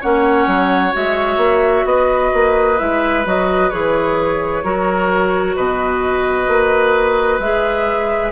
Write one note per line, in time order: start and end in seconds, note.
0.00 0.47 A#3
0.00 0.92 C#4
0.00 1.85 C#5
0.00 0.94 F#5
0.47 0.93 F#3
0.92 1.37 G#3
0.92 2.77 F#4
0.92 1.86 E5
1.37 1.83 A#3
1.85 2.31 B3
1.85 4.64 B4
1.85 2.78 D#5
2.33 2.80 A#3
2.77 3.25 G#3
2.77 3.23 E4
2.77 3.25 E5
3.25 3.71 F#3
3.25 3.70 F#4
3.25 3.70 D#5
3.70 4.63 E3
3.70 4.63 G#4
3.70 5.55 C#5
4.63 5.56 F#3
4.63 7.40 F#4
4.63 5.56 A#4
5.55 6.47 B2
5.55 8.32 B4
5.55 7.39 D#5
6.47 7.39 A#3
7.39 8.31 G#3
7.39 8.32 G#4
7.39 8.32 E5